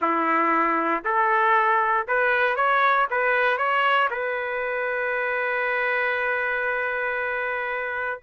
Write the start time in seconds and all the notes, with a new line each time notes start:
0.01 E4
1.04 A4
2.07 B4
2.55 C#5
3.10 B4
3.57 C#5
4.10 B4